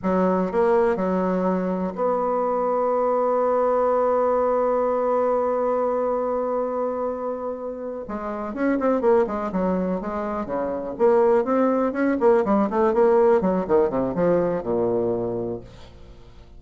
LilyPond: \new Staff \with { instrumentName = "bassoon" } { \time 4/4 \tempo 4 = 123 fis4 ais4 fis2 | b1~ | b1~ | b1~ |
b8 gis4 cis'8 c'8 ais8 gis8 fis8~ | fis8 gis4 cis4 ais4 c'8~ | c'8 cis'8 ais8 g8 a8 ais4 fis8 | dis8 c8 f4 ais,2 | }